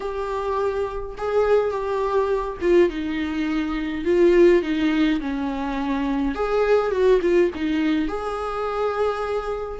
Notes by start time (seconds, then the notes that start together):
0.00 G4
1.17 G#4
1.70 G4
2.61 F4
2.89 D#4
4.05 F4
4.62 D#4
5.20 C#4
6.34 G#4
6.91 F#4
7.21 F4
7.54 D#4
8.07 G#4